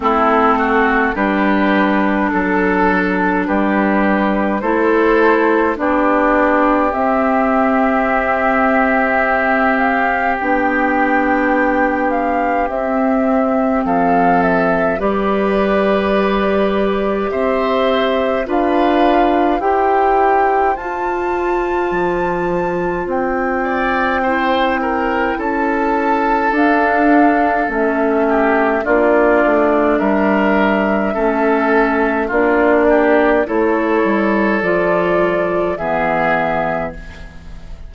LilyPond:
<<
  \new Staff \with { instrumentName = "flute" } { \time 4/4 \tempo 4 = 52 a'4 b'4 a'4 b'4 | c''4 d''4 e''2~ | e''8 f''8 g''4. f''8 e''4 | f''8 e''8 d''2 e''4 |
f''4 g''4 a''2 | g''2 a''4 f''4 | e''4 d''4 e''2 | d''4 cis''4 d''4 e''4 | }
  \new Staff \with { instrumentName = "oboe" } { \time 4/4 e'8 fis'8 g'4 a'4 g'4 | a'4 g'2.~ | g'1 | a'4 b'2 c''4 |
b'4 c''2.~ | c''8 d''8 c''8 ais'8 a'2~ | a'8 g'8 f'4 ais'4 a'4 | f'8 g'8 a'2 gis'4 | }
  \new Staff \with { instrumentName = "clarinet" } { \time 4/4 c'4 d'2. | e'4 d'4 c'2~ | c'4 d'2 c'4~ | c'4 g'2. |
f'4 g'4 f'2~ | f'4 e'2 d'4 | cis'4 d'2 cis'4 | d'4 e'4 f'4 b4 | }
  \new Staff \with { instrumentName = "bassoon" } { \time 4/4 a4 g4 fis4 g4 | a4 b4 c'2~ | c'4 b2 c'4 | f4 g2 c'4 |
d'4 e'4 f'4 f4 | c'2 cis'4 d'4 | a4 ais8 a8 g4 a4 | ais4 a8 g8 f4 e4 | }
>>